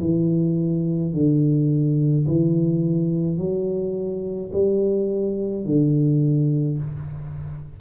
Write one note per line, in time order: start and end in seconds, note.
0.00 1.13 E3
1.13 2.26 D3
2.27 3.38 E3
3.38 4.51 F#3
4.53 5.66 G3
5.66 6.79 D3